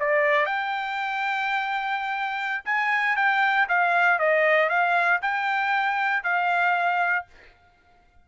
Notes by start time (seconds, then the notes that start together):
0.00 D5
0.46 G5
2.66 G#5
3.17 G5
3.69 F5
4.19 D#5
4.70 F5
5.22 G5
6.24 F5